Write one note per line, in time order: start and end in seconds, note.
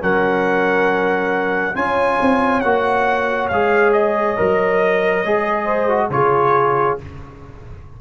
0.00 1.74 F#3
0.00 1.74 C#4
0.00 1.76 A#4
0.00 1.75 F#5
1.74 2.18 C#4
1.74 2.61 F4
1.74 5.64 C#5
1.74 2.60 G#5
2.20 2.63 C4
2.60 3.50 A#3
2.60 3.51 F#4
2.60 3.47 F#5
3.48 4.37 G#3
3.48 4.37 G#4
3.48 3.91 F5
3.92 6.10 D#5
4.37 5.24 F#3
4.37 5.24 A#4
5.24 6.09 G#3
5.24 5.88 G#4
5.64 6.07 C5
5.88 6.10 F#4
6.09 6.96 C#3
6.09 6.98 F4
6.09 7.00 G#4
6.09 6.97 C#5